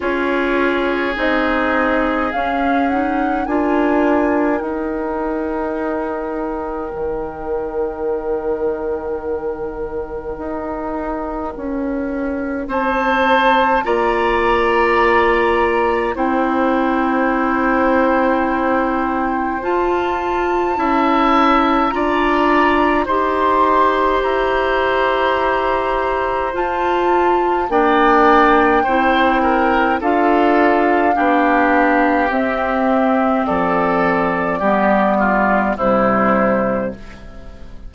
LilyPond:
<<
  \new Staff \with { instrumentName = "flute" } { \time 4/4 \tempo 4 = 52 cis''4 dis''4 f''8 fis''8 gis''4 | g''1~ | g''2. a''4 | ais''2 g''2~ |
g''4 a''2 ais''4 | c'''4 ais''2 a''4 | g''2 f''2 | e''4 d''2 c''4 | }
  \new Staff \with { instrumentName = "oboe" } { \time 4/4 gis'2. ais'4~ | ais'1~ | ais'2. c''4 | d''2 c''2~ |
c''2 e''4 d''4 | c''1 | d''4 c''8 ais'8 a'4 g'4~ | g'4 a'4 g'8 f'8 e'4 | }
  \new Staff \with { instrumentName = "clarinet" } { \time 4/4 f'4 dis'4 cis'8 dis'8 f'4 | dis'1~ | dis'1 | f'2 e'2~ |
e'4 f'4 e'4 f'4 | g'2. f'4 | d'4 e'4 f'4 d'4 | c'2 b4 g4 | }
  \new Staff \with { instrumentName = "bassoon" } { \time 4/4 cis'4 c'4 cis'4 d'4 | dis'2 dis2~ | dis4 dis'4 cis'4 c'4 | ais2 c'2~ |
c'4 f'4 cis'4 d'4 | dis'4 e'2 f'4 | ais4 c'4 d'4 b4 | c'4 f4 g4 c4 | }
>>